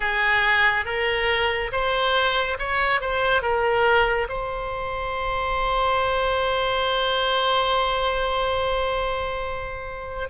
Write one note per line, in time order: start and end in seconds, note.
0.00 0.85 G#4
0.85 1.71 A#4
1.71 2.57 C5
2.58 3.00 C#5
3.00 3.41 C5
3.41 4.27 A#4
4.29 10.29 C5